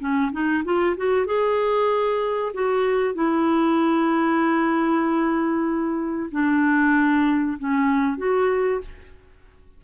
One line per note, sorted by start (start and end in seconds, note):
0.00 0.32 C#4
0.32 0.63 D#4
0.64 0.96 F4
0.97 1.26 F#4
1.26 2.52 G#4
2.53 3.14 F#4
3.14 6.30 E4
6.31 7.58 D4
7.58 8.18 C#4
8.18 8.81 F#4